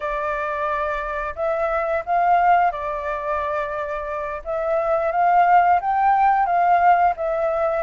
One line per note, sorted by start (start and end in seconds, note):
0.00 1.34 D5
1.35 2.04 E5
2.05 2.71 F5
2.71 4.42 D5
4.44 5.11 E5
5.11 5.80 F5
5.80 6.46 G5
6.46 7.14 F5
7.16 7.83 E5